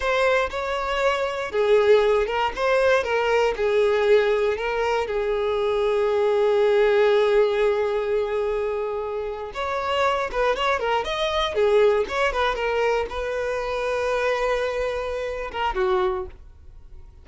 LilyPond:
\new Staff \with { instrumentName = "violin" } { \time 4/4 \tempo 4 = 118 c''4 cis''2 gis'4~ | gis'8 ais'8 c''4 ais'4 gis'4~ | gis'4 ais'4 gis'2~ | gis'1~ |
gis'2~ gis'8. cis''4~ cis''16~ | cis''16 b'8 cis''8 ais'8 dis''4 gis'4 cis''16~ | cis''16 b'8 ais'4 b'2~ b'16~ | b'2~ b'8 ais'8 fis'4 | }